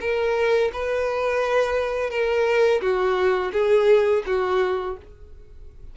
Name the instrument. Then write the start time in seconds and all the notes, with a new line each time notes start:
violin
0.00 A#4
0.73 B4
2.10 A#4
2.81 F#4
3.52 G#4
4.26 F#4